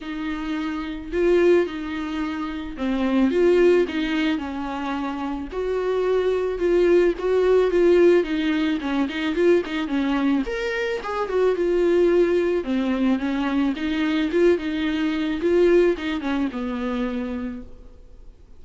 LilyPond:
\new Staff \with { instrumentName = "viola" } { \time 4/4 \tempo 4 = 109 dis'2 f'4 dis'4~ | dis'4 c'4 f'4 dis'4 | cis'2 fis'2 | f'4 fis'4 f'4 dis'4 |
cis'8 dis'8 f'8 dis'8 cis'4 ais'4 | gis'8 fis'8 f'2 c'4 | cis'4 dis'4 f'8 dis'4. | f'4 dis'8 cis'8 b2 | }